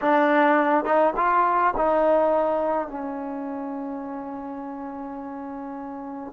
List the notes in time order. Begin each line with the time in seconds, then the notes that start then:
0.01 D4
0.84 D#4
1.16 F4
1.76 D#4
2.88 C#4